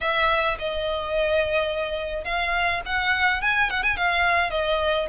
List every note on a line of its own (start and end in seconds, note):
0.01 0.57 E5
0.58 2.24 D#5
2.24 2.81 F5
2.85 3.41 F#5
3.41 3.69 G#5
3.69 3.82 F#5
3.82 3.96 G#5
3.96 4.50 F5
4.50 5.07 D#5